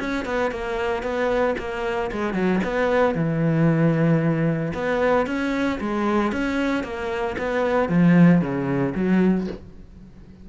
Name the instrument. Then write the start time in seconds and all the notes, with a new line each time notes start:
cello
0.00 C#4
0.26 B3
0.52 A#3
1.03 B3
1.59 A#3
2.12 G#3
2.34 F#3
2.64 B3
3.15 E3
4.74 B3
5.27 C#4
5.81 G#3
6.33 C#4
6.84 A#3
7.39 B3
7.89 F3
8.42 C#3
8.95 F#3